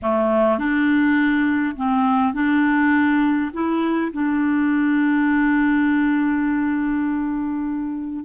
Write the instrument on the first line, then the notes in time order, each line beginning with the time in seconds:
clarinet
0.02 A3
0.58 D4
1.76 C4
2.33 D4
3.53 E4
4.12 D4